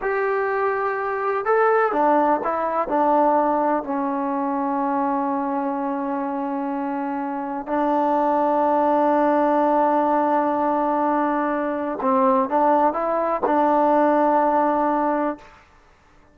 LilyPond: \new Staff \with { instrumentName = "trombone" } { \time 4/4 \tempo 4 = 125 g'2. a'4 | d'4 e'4 d'2 | cis'1~ | cis'1 |
d'1~ | d'1~ | d'4 c'4 d'4 e'4 | d'1 | }